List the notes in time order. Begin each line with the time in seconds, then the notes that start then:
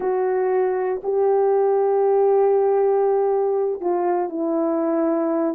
0.00 F#4
1.03 G4
3.80 F4
4.29 E4